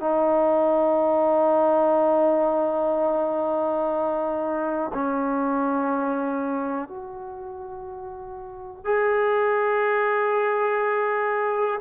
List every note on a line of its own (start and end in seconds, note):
0.00 4.92 D#4
4.94 6.89 C#4
6.89 8.85 F#4
8.85 11.80 G#4